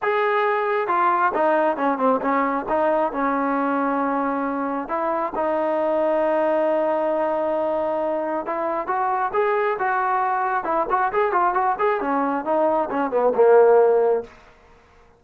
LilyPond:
\new Staff \with { instrumentName = "trombone" } { \time 4/4 \tempo 4 = 135 gis'2 f'4 dis'4 | cis'8 c'8 cis'4 dis'4 cis'4~ | cis'2. e'4 | dis'1~ |
dis'2. e'4 | fis'4 gis'4 fis'2 | e'8 fis'8 gis'8 f'8 fis'8 gis'8 cis'4 | dis'4 cis'8 b8 ais2 | }